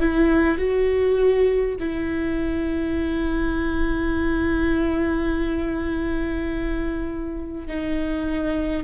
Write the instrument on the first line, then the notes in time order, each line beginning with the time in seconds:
viola
0.00 E4
0.58 F#4
1.80 E4
7.68 D#4